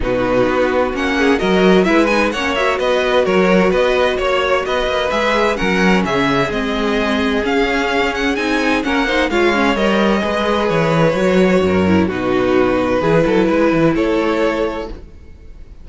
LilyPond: <<
  \new Staff \with { instrumentName = "violin" } { \time 4/4 \tempo 4 = 129 b'2 fis''4 dis''4 | e''8 gis''8 fis''8 e''8 dis''4 cis''4 | dis''4 cis''4 dis''4 e''4 | fis''4 e''4 dis''2 |
f''4. fis''8 gis''4 fis''4 | f''4 dis''2 cis''4~ | cis''2 b'2~ | b'2 cis''2 | }
  \new Staff \with { instrumentName = "violin" } { \time 4/4 fis'2~ fis'8 gis'8 ais'4 | b'4 cis''4 b'4 ais'4 | b'4 cis''4 b'2 | ais'4 gis'2.~ |
gis'2. ais'8 c''8 | cis''2 b'2~ | b'4 ais'4 fis'2 | gis'8 a'8 b'4 a'2 | }
  \new Staff \with { instrumentName = "viola" } { \time 4/4 dis'2 cis'4 fis'4 | e'8 dis'8 cis'8 fis'2~ fis'8~ | fis'2. gis'4 | cis'2 c'2 |
cis'2 dis'4 cis'8 dis'8 | f'8 cis'8 ais'4 gis'2 | fis'4. e'8 dis'2 | e'1 | }
  \new Staff \with { instrumentName = "cello" } { \time 4/4 b,4 b4 ais4 fis4 | gis4 ais4 b4 fis4 | b4 ais4 b8 ais8 gis4 | fis4 cis4 gis2 |
cis'2 c'4 ais4 | gis4 g4 gis4 e4 | fis4 fis,4 b,2 | e8 fis8 gis8 e8 a2 | }
>>